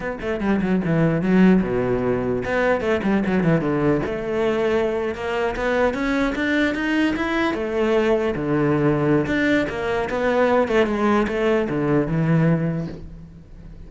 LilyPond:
\new Staff \with { instrumentName = "cello" } { \time 4/4 \tempo 4 = 149 b8 a8 g8 fis8 e4 fis4 | b,2 b4 a8 g8 | fis8 e8 d4 a2~ | a8. ais4 b4 cis'4 d'16~ |
d'8. dis'4 e'4 a4~ a16~ | a8. d2~ d16 d'4 | ais4 b4. a8 gis4 | a4 d4 e2 | }